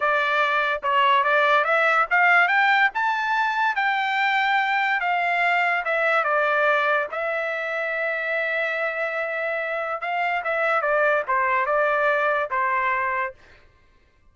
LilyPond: \new Staff \with { instrumentName = "trumpet" } { \time 4/4 \tempo 4 = 144 d''2 cis''4 d''4 | e''4 f''4 g''4 a''4~ | a''4 g''2. | f''2 e''4 d''4~ |
d''4 e''2.~ | e''1 | f''4 e''4 d''4 c''4 | d''2 c''2 | }